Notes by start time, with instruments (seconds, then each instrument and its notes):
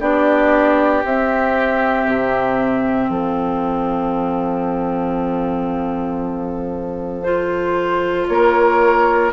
0.00 bassoon B3, clarinet D4, oboe G4, flute D5
1.05 bassoon C4, clarinet C4, flute E5
2.06 bassoon C3
3.09 bassoon F3, oboe A4, flute F5
7.23 clarinet F4, flute C5
8.28 bassoon A#3, oboe A#4, flute C#5